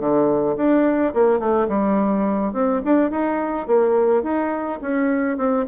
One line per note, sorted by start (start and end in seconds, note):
0.00 0.57 D3
0.57 1.13 D4
1.14 1.39 A#3
1.39 1.68 A3
1.68 2.53 G3
2.53 2.82 C4
2.85 3.11 D4
3.11 3.67 D#4
3.67 4.23 A#3
4.23 4.80 D#4
4.82 5.37 C#4
5.37 5.66 C4